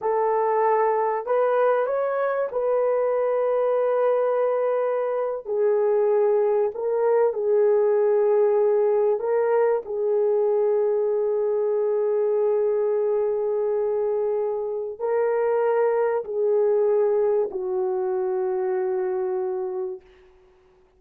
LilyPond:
\new Staff \with { instrumentName = "horn" } { \time 4/4 \tempo 4 = 96 a'2 b'4 cis''4 | b'1~ | b'8. gis'2 ais'4 gis'16~ | gis'2~ gis'8. ais'4 gis'16~ |
gis'1~ | gis'1 | ais'2 gis'2 | fis'1 | }